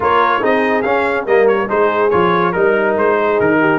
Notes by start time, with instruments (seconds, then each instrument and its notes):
0.00 tuba A#3, trombone F4, horn A#4, trumpet C#5
0.41 tuba C4, trombone D#4, horn G#4, trumpet D#5
0.82 trombone C#4, tuba C#4, trumpet F5
1.25 tuba G3, trombone A#3, horn A#4, trumpet D#5
1.47 trumpet C#5
1.68 tuba G#3, trombone D#4, horn G#4, trumpet C5
2.10 tuba F3, trombone F4, trumpet C#5
2.52 tuba G3, trombone D#4, trumpet A#4, horn A#4
2.96 tuba G#3, trumpet C5
3.16 horn G#4
3.40 tuba D#3, trumpet A#4
3.60 horn G4